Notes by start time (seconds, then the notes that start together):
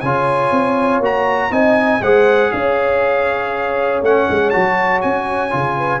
0.00 C#3 F4 C#5 G#5
0.51 C4
1.00 A#3 F#4 A#5
1.50 C4 D#4 D#5 G#5
2.01 G#3 G#4 C5 F#5
2.51 C#4 C#5 F5
4.01 A3 C#4 F#5
4.29 G#3
4.50 F#3 F#4 A5
5.01 C#4 G#5
5.50 C#3 F4
5.77 B4